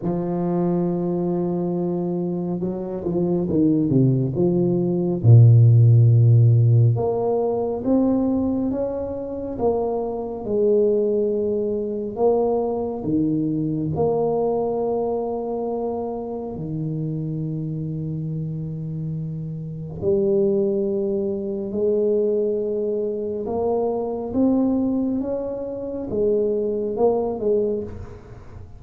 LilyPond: \new Staff \with { instrumentName = "tuba" } { \time 4/4 \tempo 4 = 69 f2. fis8 f8 | dis8 c8 f4 ais,2 | ais4 c'4 cis'4 ais4 | gis2 ais4 dis4 |
ais2. dis4~ | dis2. g4~ | g4 gis2 ais4 | c'4 cis'4 gis4 ais8 gis8 | }